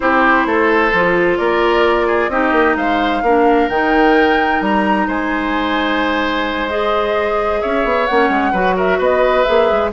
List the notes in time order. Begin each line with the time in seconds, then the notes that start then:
0.00 C4 E4 G4 C5
0.45 A3 A4
0.92 F3 F4
1.37 A#3 A#4 D5
2.06 G#4
2.29 C4 D#4 G4 D#5
2.52 A#3
2.76 G#3 C5 F5
3.22 A#3 D4 A#4
3.68 D#3 D#4 G5
4.60 G3 A#5
5.07 G#3 C5 G#5
6.69 G#4 D#5
7.61 C#4 C#5 E5
7.84 B3
8.06 A#3 C#4 F#5
8.29 G#3
8.52 F#3 F#4 B4
8.76 A#4 E5
8.98 B3 B4 D#5
9.43 A#3 G#4 E5
9.71 G#3